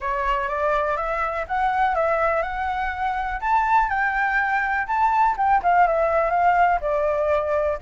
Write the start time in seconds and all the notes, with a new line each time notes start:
0.00 C#5
0.48 D5
0.96 E5
1.47 F#5
1.95 E5
2.42 F#5
3.40 A5
3.89 G5
4.87 A5
5.37 G5
5.63 F5
5.87 E5
6.30 F5
6.80 D5